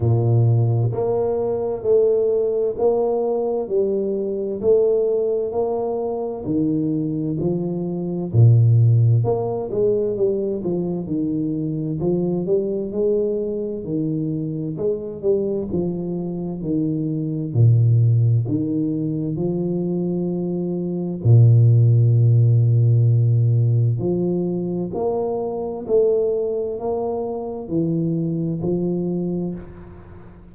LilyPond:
\new Staff \with { instrumentName = "tuba" } { \time 4/4 \tempo 4 = 65 ais,4 ais4 a4 ais4 | g4 a4 ais4 dis4 | f4 ais,4 ais8 gis8 g8 f8 | dis4 f8 g8 gis4 dis4 |
gis8 g8 f4 dis4 ais,4 | dis4 f2 ais,4~ | ais,2 f4 ais4 | a4 ais4 e4 f4 | }